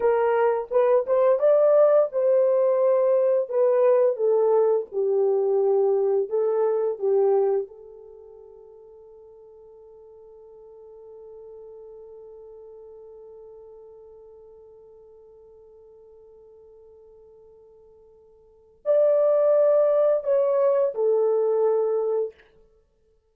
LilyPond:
\new Staff \with { instrumentName = "horn" } { \time 4/4 \tempo 4 = 86 ais'4 b'8 c''8 d''4 c''4~ | c''4 b'4 a'4 g'4~ | g'4 a'4 g'4 a'4~ | a'1~ |
a'1~ | a'1~ | a'2. d''4~ | d''4 cis''4 a'2 | }